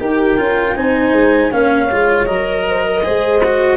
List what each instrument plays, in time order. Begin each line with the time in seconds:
0.00 tuba D#4, cello G4, horn A#4, clarinet G5
0.37 tuba C#4, cello F4
0.75 tuba C4, cello D#4, horn C5, clarinet G#5
1.12 tuba G#3
1.51 tuba A#3, cello C#4, horn C#5, clarinet F5
1.91 tuba G#3, cello F4
2.26 tuba F#3, cello A#4, clarinet D#5
2.68 horn C5
2.86 horn A#4
3.03 tuba G#3, cello G#4, horn C5
3.44 cello F#4